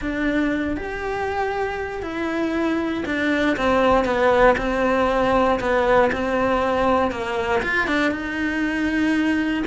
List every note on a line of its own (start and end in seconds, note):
0.01 0.77 D4
0.77 2.02 G4
2.02 3.04 E4
3.05 3.56 D4
3.57 4.04 C4
4.04 4.55 B3
4.57 5.59 C4
5.60 6.11 B3
6.12 7.11 C4
7.11 7.62 A#3
7.62 7.87 F4
7.87 8.11 D4
8.11 9.63 D#4